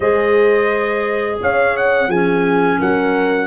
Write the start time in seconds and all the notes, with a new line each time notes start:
0.00 G#3 G#4 C5 D#5
1.41 C#4 C#5 F5
1.76 F#5
2.07 F3 C#4 G#4 G#5
2.79 F#3 A#4 F#5